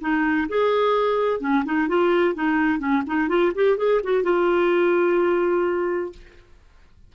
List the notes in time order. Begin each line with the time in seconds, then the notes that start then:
0.00 D#4
0.48 G#4
1.40 C#4
1.65 D#4
1.88 F4
2.35 D#4
2.79 C#4
3.06 D#4
3.28 F4
3.55 G4
3.77 G#4
4.03 F#4
4.23 F4